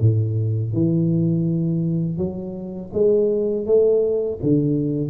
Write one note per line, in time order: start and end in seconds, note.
0.00 0.73 A2
0.73 2.18 E3
2.18 2.91 F#3
2.93 3.66 G#3
3.66 4.39 A3
4.43 5.10 D3